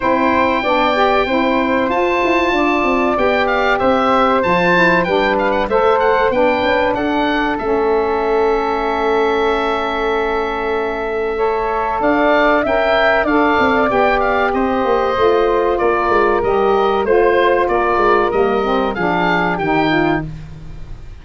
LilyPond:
<<
  \new Staff \with { instrumentName = "oboe" } { \time 4/4 \tempo 4 = 95 g''2. a''4~ | a''4 g''8 f''8 e''4 a''4 | g''8 f''16 fis''16 e''8 fis''8 g''4 fis''4 | e''1~ |
e''2. f''4 | g''4 f''4 g''8 f''8 dis''4~ | dis''4 d''4 dis''4 c''4 | d''4 dis''4 f''4 g''4 | }
  \new Staff \with { instrumentName = "flute" } { \time 4/4 c''4 d''4 c''2 | d''2 c''2 | b'4 c''4 b'4 a'4~ | a'1~ |
a'2 cis''4 d''4 | e''4 d''2 c''4~ | c''4 ais'2 c''4 | ais'2 gis'4 g'8 f'8 | }
  \new Staff \with { instrumentName = "saxophone" } { \time 4/4 e'4 d'8 g'8 e'4 f'4~ | f'4 g'2 f'8 e'8 | d'4 a'4 d'2 | cis'1~ |
cis'2 a'2 | ais'4 a'4 g'2 | f'2 g'4 f'4~ | f'4 ais8 c'8 d'4 dis'4 | }
  \new Staff \with { instrumentName = "tuba" } { \time 4/4 c'4 b4 c'4 f'8 e'8 | d'8 c'8 b4 c'4 f4 | g4 a4 b8 cis'8 d'4 | a1~ |
a2. d'4 | cis'4 d'8 c'8 b4 c'8 ais8 | a4 ais8 gis8 g4 a4 | ais8 gis8 g4 f4 dis4 | }
>>